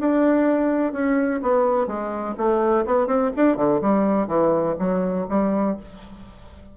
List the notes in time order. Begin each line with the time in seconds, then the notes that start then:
0.00 D4
0.93 C#4
1.43 B3
1.87 G#3
2.38 A3
2.86 B3
3.07 C4
3.37 D4
3.57 D3
3.82 G3
4.28 E3
4.79 F#3
5.29 G3